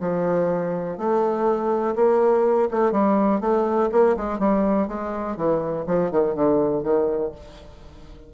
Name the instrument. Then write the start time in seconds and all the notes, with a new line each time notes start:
bassoon
0.00 F3
0.98 A3
1.95 A#3
2.71 A3
2.92 G3
3.41 A3
3.92 A#3
4.16 G#3
4.39 G3
4.88 G#3
5.37 E3
5.87 F3
6.11 D#3
6.35 D3
6.83 D#3